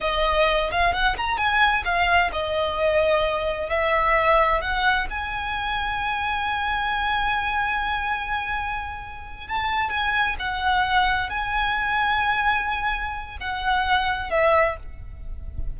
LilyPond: \new Staff \with { instrumentName = "violin" } { \time 4/4 \tempo 4 = 130 dis''4. f''8 fis''8 ais''8 gis''4 | f''4 dis''2. | e''2 fis''4 gis''4~ | gis''1~ |
gis''1~ | gis''8 a''4 gis''4 fis''4.~ | fis''8 gis''2.~ gis''8~ | gis''4 fis''2 e''4 | }